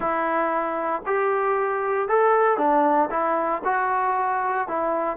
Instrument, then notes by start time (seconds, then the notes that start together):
trombone
0.00 E4
1.06 G4
2.08 A4
2.57 D4
3.10 E4
3.64 F#4
4.68 E4